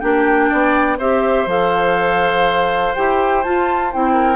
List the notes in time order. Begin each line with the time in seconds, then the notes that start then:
0.00 A#3 D4 G4 G5
0.50 B3 D5
0.98 C4 G4 C5 E5
1.46 F3 A4 F5
2.95 E4 G4 G5
3.43 F4 A5
3.93 C4 E4 G5
4.14 A#4